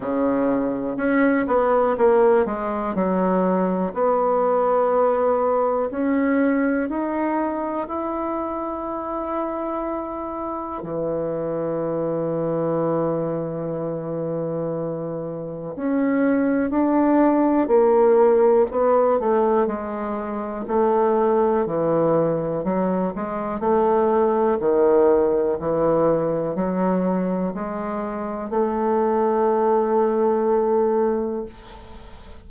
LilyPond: \new Staff \with { instrumentName = "bassoon" } { \time 4/4 \tempo 4 = 61 cis4 cis'8 b8 ais8 gis8 fis4 | b2 cis'4 dis'4 | e'2. e4~ | e1 |
cis'4 d'4 ais4 b8 a8 | gis4 a4 e4 fis8 gis8 | a4 dis4 e4 fis4 | gis4 a2. | }